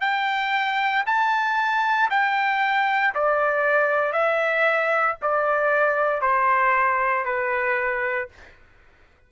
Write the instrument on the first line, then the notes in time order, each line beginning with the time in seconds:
trumpet
0.00 G5
1.06 A5
2.10 G5
3.14 D5
4.12 E5
5.22 D5
6.21 C5
7.25 B4